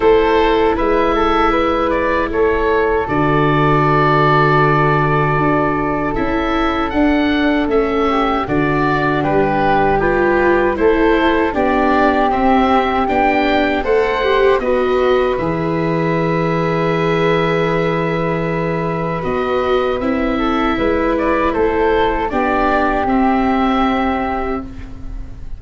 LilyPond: <<
  \new Staff \with { instrumentName = "oboe" } { \time 4/4 \tempo 4 = 78 c''4 e''4. d''8 cis''4 | d''1 | e''4 fis''4 e''4 d''4 | b'4 g'4 c''4 d''4 |
e''4 g''4 fis''4 dis''4 | e''1~ | e''4 dis''4 e''4. d''8 | c''4 d''4 e''2 | }
  \new Staff \with { instrumentName = "flute" } { \time 4/4 a'4 b'8 a'8 b'4 a'4~ | a'1~ | a'2~ a'8 g'8 fis'4 | g'4 b'4 a'4 g'4~ |
g'2 c''4 b'4~ | b'1~ | b'2~ b'8 a'8 b'4 | a'4 g'2. | }
  \new Staff \with { instrumentName = "viola" } { \time 4/4 e'1 | fis'1 | e'4 d'4 cis'4 d'4~ | d'4 f'4 e'4 d'4 |
c'4 d'4 a'8 g'8 fis'4 | gis'1~ | gis'4 fis'4 e'2~ | e'4 d'4 c'2 | }
  \new Staff \with { instrumentName = "tuba" } { \time 4/4 a4 gis2 a4 | d2. d'4 | cis'4 d'4 a4 d4 | g2 a4 b4 |
c'4 b4 a4 b4 | e1~ | e4 b4 c'4 gis4 | a4 b4 c'2 | }
>>